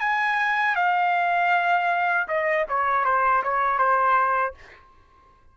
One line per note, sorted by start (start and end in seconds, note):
0.00 0.76 G#5
0.76 2.28 F5
2.28 2.66 D#5
2.69 3.05 C#5
3.05 3.43 C5
3.43 3.79 C#5
3.79 4.55 C5